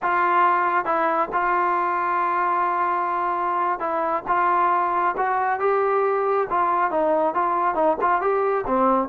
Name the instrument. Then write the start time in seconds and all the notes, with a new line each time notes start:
trombone
0.02 F4
0.85 E4
1.32 F4
3.79 E4
4.27 F4
5.17 F#4
5.59 G4
6.50 F4
6.90 D#4
7.34 F4
7.74 D#4
8.01 F4
8.21 G4
8.67 C4